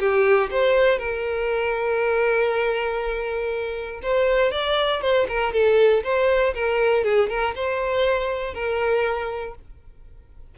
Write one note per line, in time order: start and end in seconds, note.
0.00 0.50 G4
0.51 0.99 C5
0.99 4.02 A#4
4.03 4.52 C5
4.52 5.02 D5
5.02 5.27 C5
5.29 5.53 A#4
5.53 6.04 A4
6.04 6.55 C5
6.55 7.04 A#4
7.04 7.29 G#4
7.30 7.55 A#4
7.56 8.54 C5
8.54 9.55 A#4